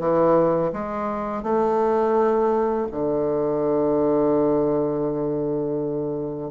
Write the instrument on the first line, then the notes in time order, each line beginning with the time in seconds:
bassoon
0.00 E3
0.73 G#3
1.44 A3
2.92 D3